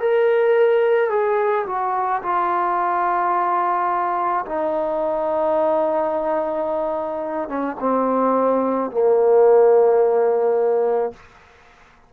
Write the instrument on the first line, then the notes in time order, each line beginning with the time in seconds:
trombone
0.00 A#4
1.10 G#4
1.66 F#4
2.23 F4
4.46 D#4
7.48 C#4
7.80 C4
8.91 A#3